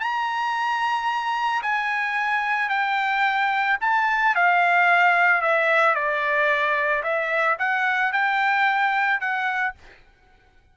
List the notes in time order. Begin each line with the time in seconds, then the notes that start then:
0.00 A#5
1.63 G#5
2.70 G5
3.81 A5
4.35 F5
5.42 E5
5.95 D5
7.03 E5
7.59 F#5
8.13 G5
9.21 F#5